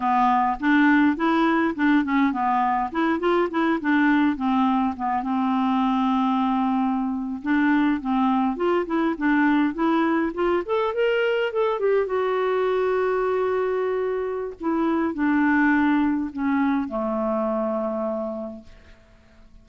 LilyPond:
\new Staff \with { instrumentName = "clarinet" } { \time 4/4 \tempo 4 = 103 b4 d'4 e'4 d'8 cis'8 | b4 e'8 f'8 e'8 d'4 c'8~ | c'8 b8 c'2.~ | c'8. d'4 c'4 f'8 e'8 d'16~ |
d'8. e'4 f'8 a'8 ais'4 a'16~ | a'16 g'8 fis'2.~ fis'16~ | fis'4 e'4 d'2 | cis'4 a2. | }